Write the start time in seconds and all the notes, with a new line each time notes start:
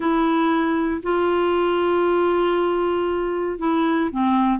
0.00 E4
1.02 F4
3.59 E4
4.11 C4